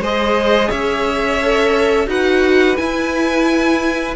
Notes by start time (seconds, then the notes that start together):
0.00 G#3 G#4 C5 D#5
0.69 C#4 C#5 E5
1.42 A4
2.07 D#4 F#4 B4 F#5
2.77 E4 G#5